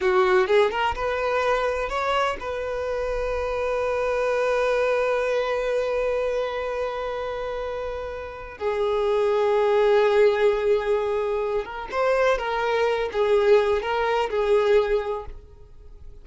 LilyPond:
\new Staff \with { instrumentName = "violin" } { \time 4/4 \tempo 4 = 126 fis'4 gis'8 ais'8 b'2 | cis''4 b'2.~ | b'1~ | b'1~ |
b'2 gis'2~ | gis'1~ | gis'8 ais'8 c''4 ais'4. gis'8~ | gis'4 ais'4 gis'2 | }